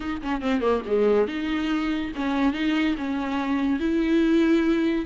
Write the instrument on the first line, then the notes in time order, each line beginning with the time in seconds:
viola
0.00 D#4
0.22 C#4
0.41 C4
0.60 A#3
0.86 G#3
1.27 D#4
2.15 C#4
2.53 D#4
2.97 C#4
3.79 E4